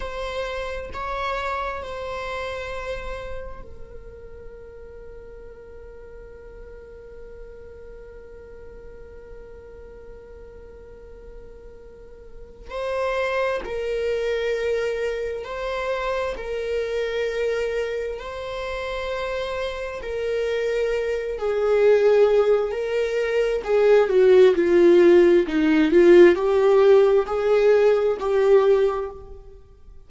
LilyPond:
\new Staff \with { instrumentName = "viola" } { \time 4/4 \tempo 4 = 66 c''4 cis''4 c''2 | ais'1~ | ais'1~ | ais'2 c''4 ais'4~ |
ais'4 c''4 ais'2 | c''2 ais'4. gis'8~ | gis'4 ais'4 gis'8 fis'8 f'4 | dis'8 f'8 g'4 gis'4 g'4 | }